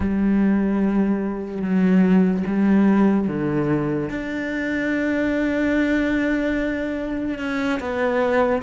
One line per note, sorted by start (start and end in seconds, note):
0.00 1.61 G3
1.61 2.43 F#3
2.47 3.27 G3
3.27 4.09 D3
4.09 7.38 D4
7.38 7.79 C#4
7.79 8.62 B3